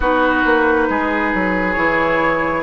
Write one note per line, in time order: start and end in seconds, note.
0.00 0.43 B3
0.00 1.76 D#4
0.00 0.87 F#4
0.00 1.73 B4
0.45 0.89 A#3
0.89 1.33 G#3
0.89 2.62 G#4
1.33 1.76 F#3
1.73 2.62 E3
1.73 2.62 E4
1.73 2.61 C#5